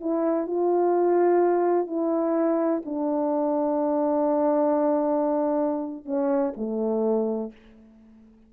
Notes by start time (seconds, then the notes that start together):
0.00 E4
0.47 F4
1.87 E4
2.85 D4
6.05 C#4
6.56 A3